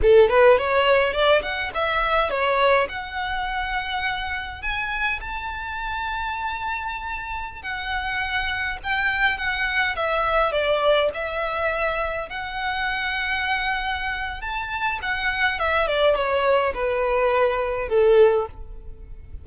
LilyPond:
\new Staff \with { instrumentName = "violin" } { \time 4/4 \tempo 4 = 104 a'8 b'8 cis''4 d''8 fis''8 e''4 | cis''4 fis''2. | gis''4 a''2.~ | a''4~ a''16 fis''2 g''8.~ |
g''16 fis''4 e''4 d''4 e''8.~ | e''4~ e''16 fis''2~ fis''8.~ | fis''4 a''4 fis''4 e''8 d''8 | cis''4 b'2 a'4 | }